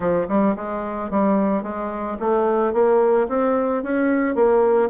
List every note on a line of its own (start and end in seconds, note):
0.00 0.26 F3
0.28 0.55 G3
0.56 1.10 G#3
1.10 1.62 G3
1.62 2.17 G#3
2.19 2.73 A3
2.73 3.27 A#3
3.28 3.83 C4
3.83 4.35 C#4
4.35 4.89 A#3